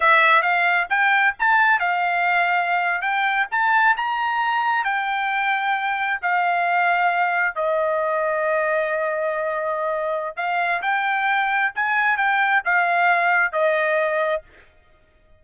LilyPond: \new Staff \with { instrumentName = "trumpet" } { \time 4/4 \tempo 4 = 133 e''4 f''4 g''4 a''4 | f''2~ f''8. g''4 a''16~ | a''8. ais''2 g''4~ g''16~ | g''4.~ g''16 f''2~ f''16~ |
f''8. dis''2.~ dis''16~ | dis''2. f''4 | g''2 gis''4 g''4 | f''2 dis''2 | }